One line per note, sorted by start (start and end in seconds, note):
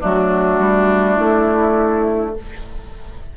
0.00 0.59 F#3
0.00 2.37 A3
0.00 2.35 D4
0.00 1.17 F#4
0.59 1.18 G3
1.17 2.36 A3
1.17 2.35 E4